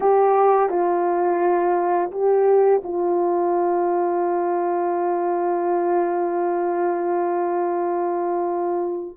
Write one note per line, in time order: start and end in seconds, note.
0.00 0.69 G4
0.69 2.10 F4
2.11 2.81 G4
2.83 9.16 F4